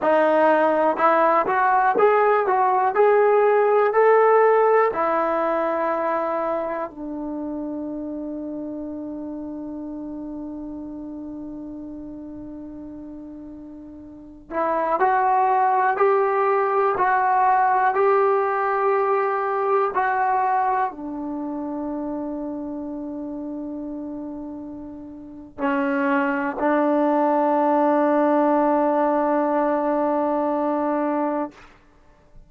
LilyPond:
\new Staff \with { instrumentName = "trombone" } { \time 4/4 \tempo 4 = 61 dis'4 e'8 fis'8 gis'8 fis'8 gis'4 | a'4 e'2 d'4~ | d'1~ | d'2~ d'8. e'8 fis'8.~ |
fis'16 g'4 fis'4 g'4.~ g'16~ | g'16 fis'4 d'2~ d'8.~ | d'2 cis'4 d'4~ | d'1 | }